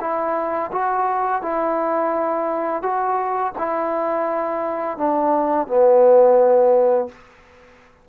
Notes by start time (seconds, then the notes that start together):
0.00 E4
0.72 F#4
1.42 E4
2.82 F#4
3.57 E4
4.97 D4
5.67 B3